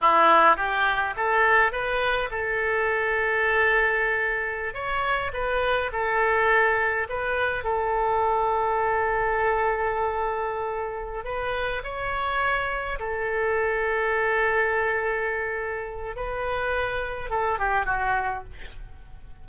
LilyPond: \new Staff \with { instrumentName = "oboe" } { \time 4/4 \tempo 4 = 104 e'4 g'4 a'4 b'4 | a'1~ | a'16 cis''4 b'4 a'4.~ a'16~ | a'16 b'4 a'2~ a'8.~ |
a'2.~ a'8 b'8~ | b'8 cis''2 a'4.~ | a'1 | b'2 a'8 g'8 fis'4 | }